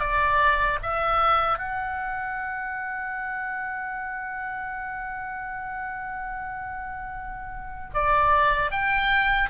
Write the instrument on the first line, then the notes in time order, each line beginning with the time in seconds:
oboe
0.00 D5
0.83 E5
1.58 F#5
7.94 D5
8.71 G5